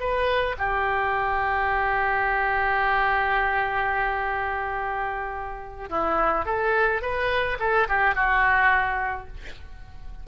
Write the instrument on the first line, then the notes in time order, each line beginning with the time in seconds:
oboe
0.00 B4
0.59 G4
5.90 E4
6.46 A4
7.02 B4
7.60 A4
7.89 G4
8.15 F#4